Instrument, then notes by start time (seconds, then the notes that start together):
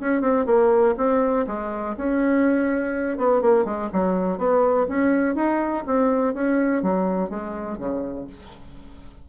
bassoon
0.00 C#4
0.21 C4
0.46 A#3
0.97 C4
1.47 G#3
1.97 C#4
3.18 B3
3.42 A#3
3.65 G#3
3.93 F#3
4.38 B3
4.88 C#4
5.35 D#4
5.86 C4
6.34 C#4
6.82 F#3
7.29 G#3
7.78 C#3